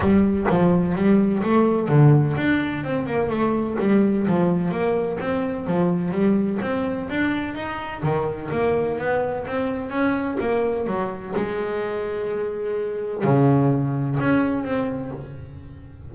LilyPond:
\new Staff \with { instrumentName = "double bass" } { \time 4/4 \tempo 4 = 127 g4 f4 g4 a4 | d4 d'4 c'8 ais8 a4 | g4 f4 ais4 c'4 | f4 g4 c'4 d'4 |
dis'4 dis4 ais4 b4 | c'4 cis'4 ais4 fis4 | gis1 | cis2 cis'4 c'4 | }